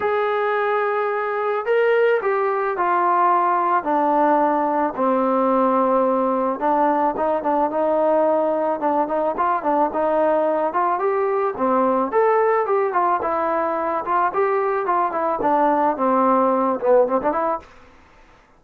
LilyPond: \new Staff \with { instrumentName = "trombone" } { \time 4/4 \tempo 4 = 109 gis'2. ais'4 | g'4 f'2 d'4~ | d'4 c'2. | d'4 dis'8 d'8 dis'2 |
d'8 dis'8 f'8 d'8 dis'4. f'8 | g'4 c'4 a'4 g'8 f'8 | e'4. f'8 g'4 f'8 e'8 | d'4 c'4. b8 c'16 d'16 e'8 | }